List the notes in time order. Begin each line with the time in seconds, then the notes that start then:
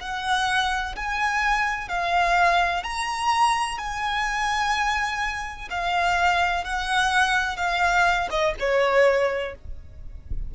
0.00 F#5
0.96 G#5
1.89 F5
2.84 A#5
3.78 G#5
5.70 F5
6.64 F#5
7.57 F5
8.30 D#5
8.59 C#5